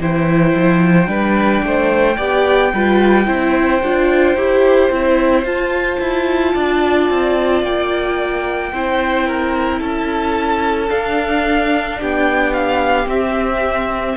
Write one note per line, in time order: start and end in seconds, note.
0.00 0.55 E3
0.00 1.07 E4
0.00 1.10 C5
0.00 5.45 G5
0.55 1.08 F3
1.07 1.62 G3
1.07 2.16 D4
1.07 1.65 B4
1.63 2.18 A3
1.63 2.17 C5
2.17 2.73 B3
2.17 2.73 G4
2.17 2.72 D5
2.74 3.28 G3
2.74 3.26 F4
2.74 3.27 B4
3.26 3.82 C4
3.26 3.81 E4
3.26 6.54 C5
3.83 4.36 D4
3.83 4.37 F4
4.36 4.90 E4
4.36 4.92 G4
4.91 5.45 C4
4.91 5.46 E4
5.45 5.99 F4
5.45 8.73 F4
5.45 7.64 A5
6.00 6.55 E4
6.54 7.10 D4
6.54 8.72 D5
7.10 7.63 C4
7.63 8.72 A#3
7.63 9.82 G5
8.72 9.81 C4
8.72 10.89 E4
8.72 9.27 C5
9.27 9.80 A#4
9.80 10.90 C#4
9.80 11.98 A4
9.80 10.90 A5
10.89 13.07 D4
10.89 12.01 D4
10.89 12.00 F5
12.00 13.06 B3
12.00 14.17 G4
12.00 12.54 G5
12.54 13.08 F5
13.06 14.15 C4
13.06 14.17 C4
13.06 14.17 E5